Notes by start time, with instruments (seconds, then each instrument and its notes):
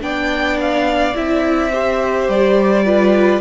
0.00 cello B3, viola D4, violin D5 G5
0.61 violin F5
1.14 cello C4, viola E4, violin E5
1.72 viola G4, violin C5
2.28 cello G3, violin D5
2.85 viola F4, violin B4